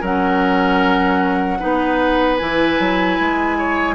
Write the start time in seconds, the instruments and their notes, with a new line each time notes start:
0.00 bassoon F#3, clarinet C#4, oboe A#4, flute F#5
1.59 bassoon B3, clarinet D#4, oboe B4
2.37 bassoon E3, clarinet E4, flute G#5
2.79 bassoon F#3
3.19 bassoon G#3
3.58 oboe C#5